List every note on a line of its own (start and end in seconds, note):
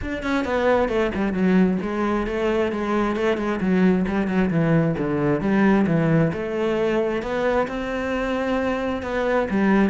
0.01 0.23 D4
0.23 0.44 C#4
0.44 0.88 B3
0.88 1.11 A3
1.14 1.33 G3
1.33 1.78 F#3
1.82 2.26 G#3
2.26 2.71 A3
2.72 3.16 G#3
3.16 3.37 A3
3.37 3.59 G#3
3.60 4.05 F#3
4.07 4.27 G3
4.27 4.50 F#3
4.50 4.95 E3
4.97 5.40 D3
5.40 5.85 G3
5.86 6.32 E3
6.32 7.22 A3
7.22 7.67 B3
7.67 9.02 C4
9.02 9.47 B3
9.50 9.90 G3